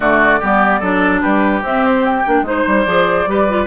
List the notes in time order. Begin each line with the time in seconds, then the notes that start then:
0.00 D3 A3 F#4 D5
0.39 G3 B3 G4
0.79 F#3 D4 A4
1.21 G3 G4 B4
1.62 C4 E5
1.85 C5
2.05 G5
2.26 A#3 D4
2.41 G#3 D#4 C5
2.49 C5
2.67 G3
2.82 F3 G#4 D5
3.26 G3 G4 B4
3.49 F4